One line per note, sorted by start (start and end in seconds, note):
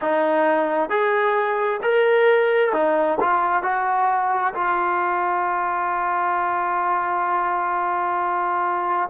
0.01 0.89 D#4
0.89 1.80 G#4
1.82 2.72 A#4
2.72 3.18 D#4
3.20 3.62 F4
3.62 4.53 F#4
4.54 9.09 F4